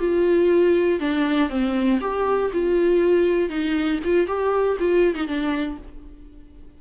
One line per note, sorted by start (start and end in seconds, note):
0.00 1.00 F4
1.00 1.50 D4
1.50 2.00 C4
2.01 2.51 G4
2.54 3.50 F4
3.50 4.00 D#4
4.05 4.27 F4
4.27 4.78 G4
4.80 5.15 F4
5.15 5.28 D#4
5.28 5.78 D4